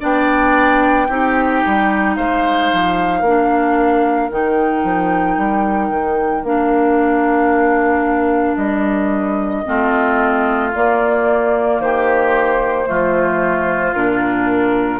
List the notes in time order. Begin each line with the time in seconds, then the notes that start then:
0.00 B3 D4 D5 G5
1.08 C4 D#4 G4
1.66 G3
2.16 G#3 C5 F5
2.72 F3
3.20 A#3 A#4
3.27 D4
4.31 D#3 D#4 G5
4.84 F3
5.37 G3
5.90 D#3
6.43 A#3 D4 F5
8.57 G3 D#5
9.65 A3 C4 F4
10.75 A#3 D5
11.80 D#3 G4 C5
12.86 F3 A3 F4
13.94 A#2 D4 A#4